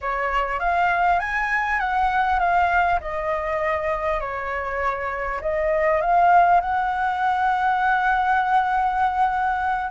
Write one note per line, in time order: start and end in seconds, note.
0.01 0.59 C#5
0.59 1.19 F5
1.19 1.79 G#5
1.79 2.39 F#5
2.39 2.99 F5
3.00 4.20 D#5
4.20 5.40 C#5
5.41 6.01 D#5
6.01 6.60 F5
6.60 9.90 F#5